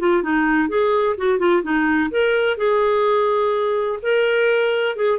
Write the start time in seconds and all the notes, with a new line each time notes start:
0.00 F4
0.23 D#4
0.69 G#4
1.18 F#4
1.39 F4
1.63 D#4
2.11 A#4
2.58 G#4
4.03 A#4
4.96 G#4